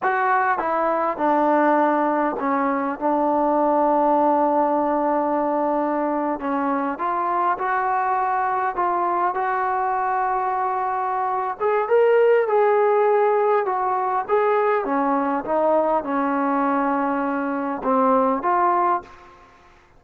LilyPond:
\new Staff \with { instrumentName = "trombone" } { \time 4/4 \tempo 4 = 101 fis'4 e'4 d'2 | cis'4 d'2.~ | d'2~ d'8. cis'4 f'16~ | f'8. fis'2 f'4 fis'16~ |
fis'2.~ fis'8 gis'8 | ais'4 gis'2 fis'4 | gis'4 cis'4 dis'4 cis'4~ | cis'2 c'4 f'4 | }